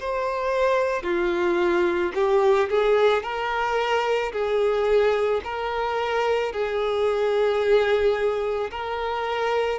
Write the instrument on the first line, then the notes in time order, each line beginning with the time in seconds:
violin
0.00 C5
1.03 F4
2.15 G4
2.70 G#4
3.23 A#4
4.32 G#4
5.44 A#4
6.52 G#4
8.71 A#4